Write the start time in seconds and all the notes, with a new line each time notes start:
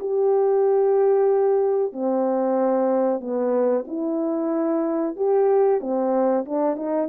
0.00 G4
1.93 C4
3.21 B3
3.88 E4
5.17 G4
5.81 C4
6.46 D4
6.77 D#4